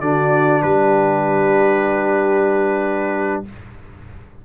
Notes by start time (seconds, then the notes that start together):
0.00 D3 D4 F#4 D5
0.62 G3 G4 B4